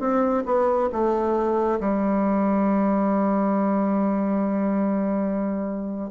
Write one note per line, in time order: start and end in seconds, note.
0.00 0.43 C4
0.46 0.89 B3
0.92 1.79 A3
1.80 6.11 G3